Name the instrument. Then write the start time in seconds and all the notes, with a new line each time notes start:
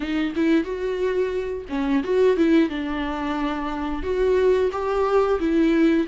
viola
0.00 D#4
0.35 E4
0.64 F#4
1.69 C#4
2.03 F#4
2.36 E4
2.69 D4
4.03 F#4
4.72 G4
5.39 E4